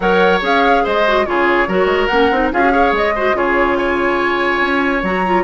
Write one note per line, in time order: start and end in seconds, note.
0.00 0.42 F#3
0.00 0.41 A#4
0.00 0.83 C#5
0.00 0.39 F#5
0.41 0.84 C#4
0.41 1.04 G#4
0.41 0.85 F5
0.83 1.26 G#3
0.83 1.25 C5
0.83 1.25 D#5
1.07 1.26 F#4
1.25 1.67 C#3
1.25 1.68 F4
1.25 1.68 G#4
1.25 2.07 C#5
1.67 1.85 F#3
1.67 2.10 F#4
1.67 2.51 A#4
1.85 2.06 G#3
2.07 2.31 A#3
2.07 2.31 C#4
2.07 2.49 F#5
2.31 2.52 C4
2.31 2.52 D#4
2.52 2.91 C#4
2.52 2.60 F4
2.52 2.72 G#4
2.52 2.95 F5
2.60 2.70 F#4
2.70 3.12 G#4
2.70 3.14 C#5
2.91 3.33 G#3
2.91 3.37 D#5
3.15 3.34 F#4
3.15 3.36 C5
3.34 4.59 C#3
3.34 5.01 F4
3.34 3.77 G#4
3.34 3.76 C#5
3.76 5.43 C#5
3.76 5.02 G#5
4.60 5.02 C#4
5.03 5.43 F#3
5.03 5.26 F#4
5.03 5.43 A#5
5.26 5.43 F4